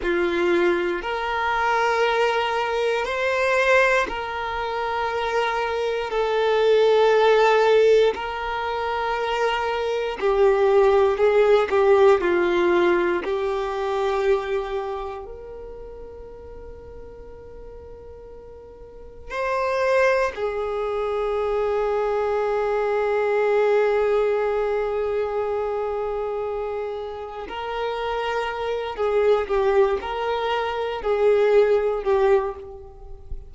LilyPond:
\new Staff \with { instrumentName = "violin" } { \time 4/4 \tempo 4 = 59 f'4 ais'2 c''4 | ais'2 a'2 | ais'2 g'4 gis'8 g'8 | f'4 g'2 ais'4~ |
ais'2. c''4 | gis'1~ | gis'2. ais'4~ | ais'8 gis'8 g'8 ais'4 gis'4 g'8 | }